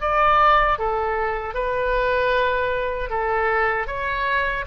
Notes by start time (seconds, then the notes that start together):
0.00 D5
0.78 A4
1.54 B4
3.10 A4
3.87 C#5